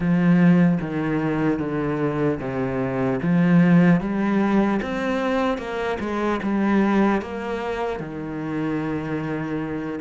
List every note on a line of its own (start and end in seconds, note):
0.00 0.78 F3
0.80 1.59 D#3
1.59 2.39 D3
2.39 3.19 C3
3.22 4.00 F3
4.00 4.80 G3
4.82 5.57 C4
5.57 5.97 A#3
6.00 6.40 G#3
6.42 7.21 G3
7.21 7.99 A#3
7.99 9.99 D#3